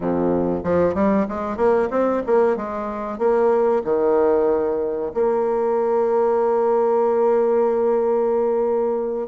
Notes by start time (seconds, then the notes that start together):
0.00 F2
0.63 F3
0.94 G3
1.28 G#3
1.56 A#3
1.90 C4
2.26 A#3
2.56 G#3
3.18 A#3
3.84 D#3
5.14 A#3